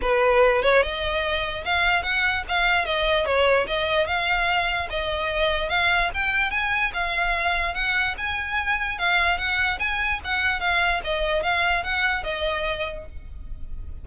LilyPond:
\new Staff \with { instrumentName = "violin" } { \time 4/4 \tempo 4 = 147 b'4. cis''8 dis''2 | f''4 fis''4 f''4 dis''4 | cis''4 dis''4 f''2 | dis''2 f''4 g''4 |
gis''4 f''2 fis''4 | gis''2 f''4 fis''4 | gis''4 fis''4 f''4 dis''4 | f''4 fis''4 dis''2 | }